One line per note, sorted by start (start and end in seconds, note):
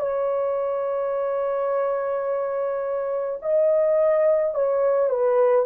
0.00 3.40 C#5
3.42 4.54 D#5
4.54 5.10 C#5
5.10 5.66 B4